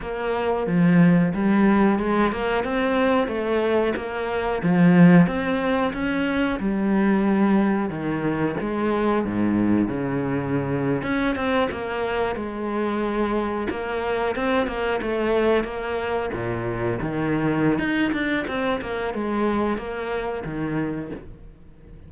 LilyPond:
\new Staff \with { instrumentName = "cello" } { \time 4/4 \tempo 4 = 91 ais4 f4 g4 gis8 ais8 | c'4 a4 ais4 f4 | c'4 cis'4 g2 | dis4 gis4 gis,4 cis4~ |
cis8. cis'8 c'8 ais4 gis4~ gis16~ | gis8. ais4 c'8 ais8 a4 ais16~ | ais8. ais,4 dis4~ dis16 dis'8 d'8 | c'8 ais8 gis4 ais4 dis4 | }